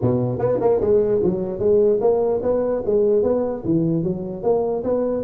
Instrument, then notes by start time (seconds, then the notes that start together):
tuba
0.01 B2
0.38 B3
0.60 A#3
0.81 G#3
1.23 F#3
1.59 G#3
2.00 A#3
2.42 B3
2.85 G#3
3.23 B3
3.64 E3
4.03 F#3
4.42 A#3
4.83 B3